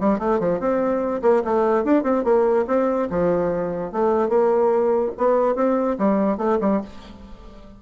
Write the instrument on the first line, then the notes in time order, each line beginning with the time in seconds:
bassoon
0.00 G3
0.19 A3
0.39 F3
0.60 C4
1.22 A#3
1.44 A3
1.84 D4
2.03 C4
2.24 A#3
2.67 C4
3.10 F3
3.92 A3
4.29 A#3
5.17 B3
5.55 C4
5.98 G3
6.38 A3
6.61 G3